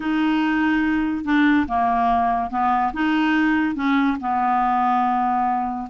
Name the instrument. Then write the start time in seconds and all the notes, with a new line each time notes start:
clarinet
0.00 D#4
1.24 D4
1.67 A#3
2.50 B3
2.93 D#4
3.75 C#4
4.20 B3